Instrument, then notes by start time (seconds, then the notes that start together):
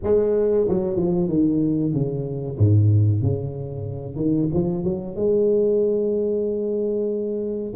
tuba
0.03 G#3
0.68 F#3
0.96 F3
1.28 D#3
1.93 C#3
2.57 G#2
3.22 C#3
4.16 D#3
4.53 F3
4.84 F#3
5.15 G#3